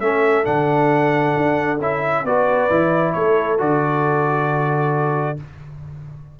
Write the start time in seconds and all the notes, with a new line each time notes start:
0.00 A3 C#4 A4 E5
0.44 D3 D4 F#5
1.36 D4
1.79 C#4 E4 E5
2.24 B3 F#4 B4 D5
2.70 E3 E4
3.13 A3 A4 C#5
3.58 D3 F#4 D5